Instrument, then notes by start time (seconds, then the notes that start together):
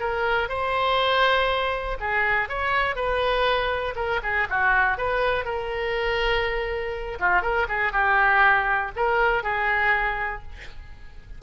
oboe
0.00 A#4
0.49 C5
2.00 G#4
2.49 C#5
2.96 B4
3.96 A#4
4.23 G#4
4.50 F#4
4.98 B4
5.45 A#4
7.20 F4
7.42 A#4
7.69 G#4
7.93 G4
8.96 A#4
9.43 G#4